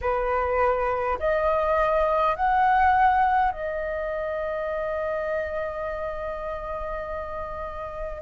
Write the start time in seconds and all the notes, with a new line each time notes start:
0.01 B4
1.19 D#5
2.35 F#5
3.51 D#5